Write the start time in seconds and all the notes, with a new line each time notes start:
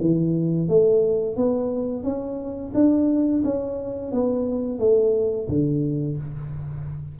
0.00 E3
0.68 A3
1.36 B3
2.03 C#4
2.74 D4
3.44 C#4
4.12 B3
4.79 A3
5.49 D3